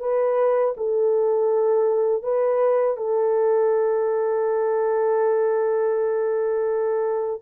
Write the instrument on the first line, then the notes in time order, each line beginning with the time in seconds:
horn
0.00 B4
0.77 A4
2.23 B4
2.97 A4